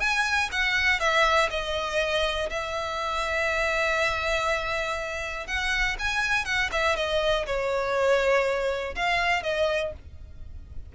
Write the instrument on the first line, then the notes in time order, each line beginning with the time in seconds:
violin
0.00 G#5
0.52 F#5
1.00 E5
1.50 D#5
2.50 E5
5.47 F#5
5.99 G#5
6.45 F#5
6.72 E5
6.97 D#5
7.47 C#5
8.96 F5
9.43 D#5